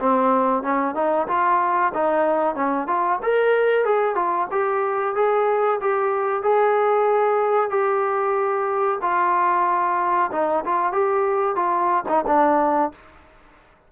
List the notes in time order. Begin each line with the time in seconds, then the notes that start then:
0.00 C4
0.63 C#4
0.96 D#4
1.28 F4
1.95 D#4
2.56 C#4
2.88 F4
3.23 A#4
3.85 G#4
4.16 F4
4.52 G4
5.16 G#4
5.82 G4
6.43 G#4
7.70 G4
9.02 F4
10.33 D#4
10.66 F4
10.93 G4
11.56 F4
12.09 D#4
12.28 D4